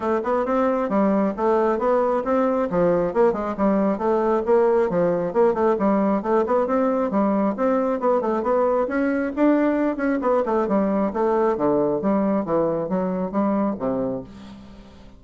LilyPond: \new Staff \with { instrumentName = "bassoon" } { \time 4/4 \tempo 4 = 135 a8 b8 c'4 g4 a4 | b4 c'4 f4 ais8 gis8 | g4 a4 ais4 f4 | ais8 a8 g4 a8 b8 c'4 |
g4 c'4 b8 a8 b4 | cis'4 d'4. cis'8 b8 a8 | g4 a4 d4 g4 | e4 fis4 g4 c4 | }